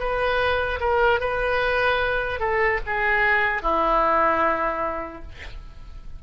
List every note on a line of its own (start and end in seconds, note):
0.00 0.80 B4
0.80 1.20 A#4
1.21 2.40 B4
2.40 2.80 A4
2.87 3.63 G#4
3.63 5.23 E4